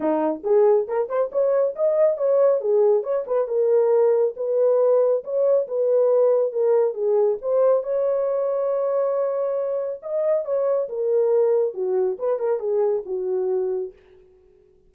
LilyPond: \new Staff \with { instrumentName = "horn" } { \time 4/4 \tempo 4 = 138 dis'4 gis'4 ais'8 c''8 cis''4 | dis''4 cis''4 gis'4 cis''8 b'8 | ais'2 b'2 | cis''4 b'2 ais'4 |
gis'4 c''4 cis''2~ | cis''2. dis''4 | cis''4 ais'2 fis'4 | b'8 ais'8 gis'4 fis'2 | }